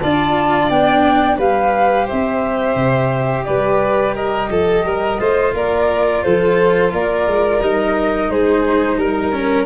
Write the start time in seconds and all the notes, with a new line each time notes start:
0.00 D4 F4 D5 A5
0.69 B3 D4 G5
1.38 G3 G4 B4 F5
2.05 C5 E5
2.12 C4
2.75 C3
3.45 G3 B4 D5
4.15 A#4 D#5
4.50 F3 A4
4.84 G3 A#4
5.18 A3 F4 C5
5.53 A#3 A#4 D5
6.23 F3 A4 C5
6.93 A#3 A#4 D5
7.27 G#3
7.61 G3 D#4 D#5
8.29 G#3 G#4 C5
8.97 G3 A#4
9.32 C#4